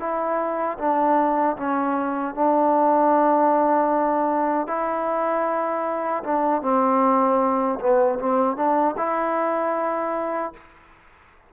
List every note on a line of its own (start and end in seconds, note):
0.00 0.78 E4
0.79 1.57 D4
1.57 2.35 C#4
2.35 4.68 D4
4.68 6.23 E4
6.24 6.63 D4
6.63 7.80 C4
7.80 8.19 B3
8.20 8.57 C4
8.57 8.96 D4
8.98 10.54 E4